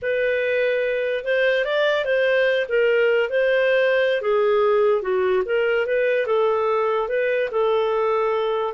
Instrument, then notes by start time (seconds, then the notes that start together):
clarinet
0.02 B4
1.24 C5
1.64 D5
2.05 C5
2.68 A#4
3.29 C5
4.21 G#4
5.02 F#4
5.45 A#4
5.86 B4
6.26 A4
7.08 B4
7.51 A4